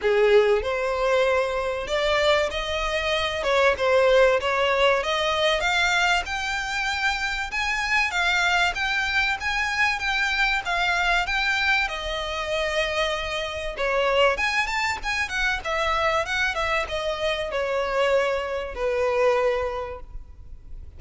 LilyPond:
\new Staff \with { instrumentName = "violin" } { \time 4/4 \tempo 4 = 96 gis'4 c''2 d''4 | dis''4. cis''8 c''4 cis''4 | dis''4 f''4 g''2 | gis''4 f''4 g''4 gis''4 |
g''4 f''4 g''4 dis''4~ | dis''2 cis''4 gis''8 a''8 | gis''8 fis''8 e''4 fis''8 e''8 dis''4 | cis''2 b'2 | }